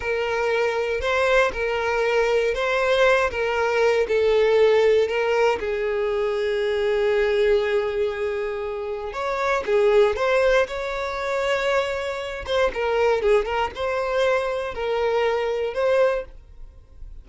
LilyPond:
\new Staff \with { instrumentName = "violin" } { \time 4/4 \tempo 4 = 118 ais'2 c''4 ais'4~ | ais'4 c''4. ais'4. | a'2 ais'4 gis'4~ | gis'1~ |
gis'2 cis''4 gis'4 | c''4 cis''2.~ | cis''8 c''8 ais'4 gis'8 ais'8 c''4~ | c''4 ais'2 c''4 | }